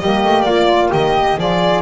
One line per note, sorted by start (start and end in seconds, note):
0.00 0.24 G3
0.00 1.39 A#3
0.00 0.46 G4
0.00 0.42 D#5
0.24 0.45 A3
0.42 0.91 A#3
0.42 0.91 F4
0.42 0.88 D5
0.91 1.37 D#3
0.91 1.37 G4
0.91 1.40 D#5
1.37 1.82 F3
1.37 1.82 F4
1.37 1.82 G#4
1.37 1.82 D5